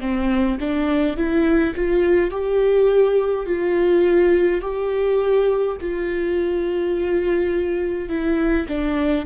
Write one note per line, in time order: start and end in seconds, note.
0.00 0.58 C4
0.60 1.16 D4
1.16 1.74 E4
1.75 2.30 F4
2.30 3.46 G4
3.46 4.61 F4
4.61 5.76 G4
5.81 8.09 F4
8.09 8.66 E4
8.67 9.25 D4